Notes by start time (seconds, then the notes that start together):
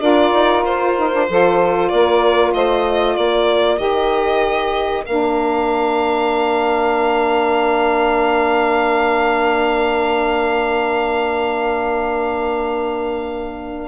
0.00 D4 F4 A#4 D5
0.34 D#4
0.64 F4 C5
0.96 D#4
1.12 D4
1.29 F3 F4 A4
1.89 A#3 A#4 D5
2.54 A3 C5 D#5
3.16 A#3 A#4 D5
3.77 D#3 G4 D#5
5.06 A#3 D4 F5